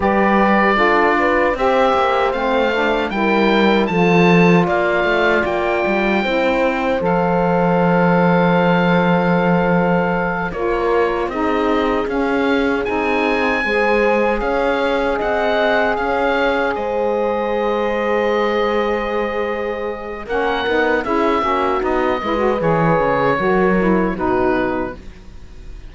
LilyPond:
<<
  \new Staff \with { instrumentName = "oboe" } { \time 4/4 \tempo 4 = 77 d''2 e''4 f''4 | g''4 a''4 f''4 g''4~ | g''4 f''2.~ | f''4. cis''4 dis''4 f''8~ |
f''8 gis''2 f''4 fis''8~ | fis''8 f''4 dis''2~ dis''8~ | dis''2 fis''4 e''4 | dis''4 cis''2 b'4 | }
  \new Staff \with { instrumentName = "horn" } { \time 4/4 b'4 a'8 b'8 c''2 | ais'4 a'4 d''2 | c''1~ | c''4. ais'4 gis'4.~ |
gis'4. c''4 cis''4 dis''8~ | dis''8 cis''4 c''2~ c''8~ | c''2 ais'4 gis'8 fis'8~ | fis'8 b'4. ais'4 fis'4 | }
  \new Staff \with { instrumentName = "saxophone" } { \time 4/4 g'4 f'4 g'4 c'8 d'8 | e'4 f'2. | e'4 a'2.~ | a'4. f'4 dis'4 cis'8~ |
cis'8 dis'4 gis'2~ gis'8~ | gis'1~ | gis'2 cis'8 dis'8 e'8 cis'8 | dis'8 e'16 fis'16 gis'4 fis'8 e'8 dis'4 | }
  \new Staff \with { instrumentName = "cello" } { \time 4/4 g4 d'4 c'8 ais8 a4 | g4 f4 ais8 a8 ais8 g8 | c'4 f2.~ | f4. ais4 c'4 cis'8~ |
cis'8 c'4 gis4 cis'4 c'8~ | c'8 cis'4 gis2~ gis8~ | gis2 ais8 b8 cis'8 ais8 | b8 gis8 e8 cis8 fis4 b,4 | }
>>